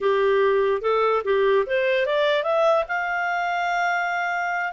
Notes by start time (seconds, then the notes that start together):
0.00 G4
0.81 A4
1.24 G4
1.66 C5
2.06 D5
2.43 E5
2.88 F5